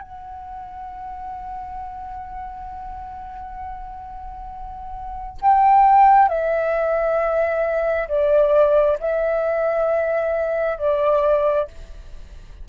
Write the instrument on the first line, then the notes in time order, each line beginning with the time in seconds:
flute
0.00 F#5
5.41 G5
6.28 E5
8.08 D5
9.00 E5
10.78 D5